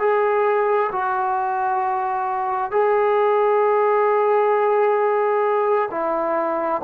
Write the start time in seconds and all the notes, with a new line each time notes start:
0.00 G#4
0.93 F#4
2.71 G#4
5.91 E4